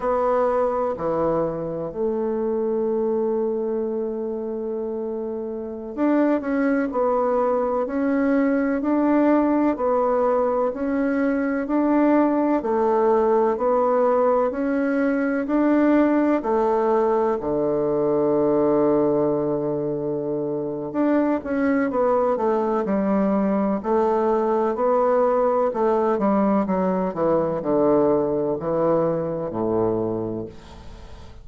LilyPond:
\new Staff \with { instrumentName = "bassoon" } { \time 4/4 \tempo 4 = 63 b4 e4 a2~ | a2~ a16 d'8 cis'8 b8.~ | b16 cis'4 d'4 b4 cis'8.~ | cis'16 d'4 a4 b4 cis'8.~ |
cis'16 d'4 a4 d4.~ d16~ | d2 d'8 cis'8 b8 a8 | g4 a4 b4 a8 g8 | fis8 e8 d4 e4 a,4 | }